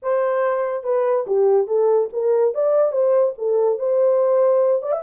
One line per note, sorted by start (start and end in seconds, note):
0.02 0.83 C5
0.83 1.25 B4
1.26 1.67 G4
1.67 2.09 A4
2.12 2.54 A#4
2.54 2.91 D5
2.91 3.33 C5
3.38 3.79 A4
3.79 4.82 C5
4.82 4.91 D5
4.91 5.02 E5